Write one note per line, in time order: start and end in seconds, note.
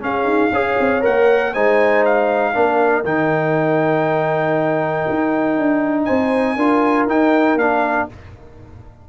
0.00 0.50 C#4
0.00 0.24 C#4
0.00 0.53 G#4
0.00 1.04 F5
0.24 0.50 D#4
0.52 0.77 C#4
0.52 1.01 G#4
0.52 1.54 C#5
0.80 1.05 C4
1.01 1.55 A#3
1.01 1.52 A#4
1.01 1.54 F#5
1.54 2.56 G#3
1.54 2.54 D#4
1.54 2.55 C5
1.54 2.05 G#5
2.05 3.05 F5
2.54 3.04 A#3
2.54 3.05 D4
2.54 6.06 A#4
3.04 5.06 D#3
3.04 6.58 D#4
3.04 6.05 G5
5.10 5.58 D#4
5.58 6.09 D4
6.05 6.57 C4
6.05 6.56 C5
6.05 7.06 G#5
6.56 7.07 D4
6.56 7.09 F4
6.56 8.08 A#4
7.07 7.56 D#4
7.07 7.59 D#4
7.07 7.59 G5
7.56 8.07 A#3
7.56 8.09 D4
7.56 8.09 F5